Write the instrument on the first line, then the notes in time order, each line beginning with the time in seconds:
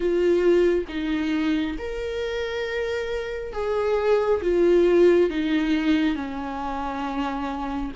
viola
0.00 F4
0.88 D#4
1.78 A#4
3.53 G#4
4.42 F4
5.30 D#4
6.15 C#4